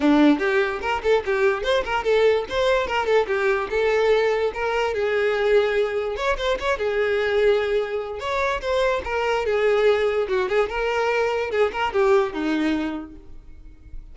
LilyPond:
\new Staff \with { instrumentName = "violin" } { \time 4/4 \tempo 4 = 146 d'4 g'4 ais'8 a'8 g'4 | c''8 ais'8 a'4 c''4 ais'8 a'8 | g'4 a'2 ais'4 | gis'2. cis''8 c''8 |
cis''8 gis'2.~ gis'8 | cis''4 c''4 ais'4 gis'4~ | gis'4 fis'8 gis'8 ais'2 | gis'8 ais'8 g'4 dis'2 | }